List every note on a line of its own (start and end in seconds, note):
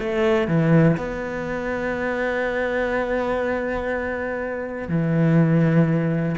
0.00 0.48 A3
0.48 0.97 E3
0.98 4.89 B3
4.89 6.36 E3